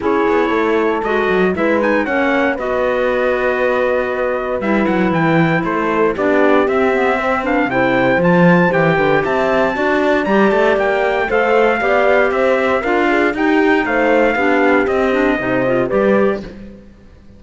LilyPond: <<
  \new Staff \with { instrumentName = "trumpet" } { \time 4/4 \tempo 4 = 117 cis''2 dis''4 e''8 gis''8 | fis''4 dis''2.~ | dis''4 e''8 fis''8 g''4 c''4 | d''4 e''4. f''8 g''4 |
a''4 g''4 a''2 | ais''8 a''8 g''4 f''2 | e''4 f''4 g''4 f''4~ | f''4 dis''2 d''4 | }
  \new Staff \with { instrumentName = "horn" } { \time 4/4 gis'4 a'2 b'4 | cis''4 b'2.~ | b'2. a'4 | g'2 c''8 b'8 c''4~ |
c''4. b'8 e''4 d''4~ | d''2 c''4 d''4 | c''4 ais'8 gis'8 g'4 c''4 | g'2 c''4 b'4 | }
  \new Staff \with { instrumentName = "clarinet" } { \time 4/4 e'2 fis'4 e'8 dis'8 | cis'4 fis'2.~ | fis'4 e'2. | d'4 c'8 b8 c'8 d'8 e'4 |
f'4 g'2 fis'4 | g'2 a'4 g'4~ | g'4 f'4 dis'2 | d'4 c'8 d'8 dis'8 f'8 g'4 | }
  \new Staff \with { instrumentName = "cello" } { \time 4/4 cis'8 b8 a4 gis8 fis8 gis4 | ais4 b2.~ | b4 g8 fis8 e4 a4 | b4 c'2 c4 |
f4 e8 d8 c'4 d'4 | g8 a8 ais4 a4 b4 | c'4 d'4 dis'4 a4 | b4 c'4 c4 g4 | }
>>